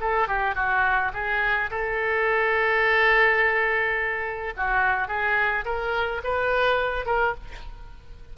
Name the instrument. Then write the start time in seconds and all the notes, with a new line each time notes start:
oboe
0.00 A4
0.28 G4
0.55 F#4
1.13 G#4
1.70 A4
4.56 F#4
5.08 G#4
5.65 A#4
6.24 B4
7.06 A#4